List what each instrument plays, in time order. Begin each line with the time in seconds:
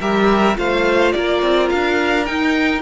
0.00 cello G3, viola G4, violin A#4 E5
0.55 cello A3, viola F4, violin C5 F5
1.12 cello A#3, violin A#4 D5
1.42 cello C4
1.69 cello D4, violin F5
2.25 viola D#4, cello D#4, violin G5